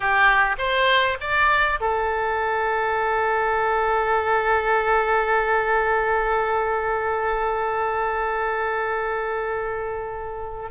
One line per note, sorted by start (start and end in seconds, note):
0.00 0.56 G4
0.58 1.17 C5
1.20 1.79 D5
1.80 10.70 A4